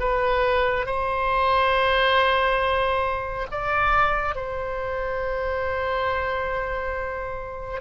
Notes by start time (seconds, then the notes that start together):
0.00 B4
0.87 C5
3.51 D5
4.36 C5